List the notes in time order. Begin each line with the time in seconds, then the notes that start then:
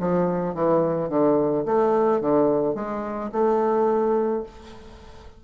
0.00 F3
0.55 E3
1.10 D3
1.66 A3
2.21 D3
2.75 G#3
3.33 A3